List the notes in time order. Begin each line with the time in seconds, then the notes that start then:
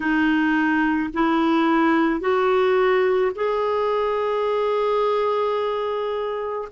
0.00 D#4
1.13 E4
2.20 F#4
3.35 G#4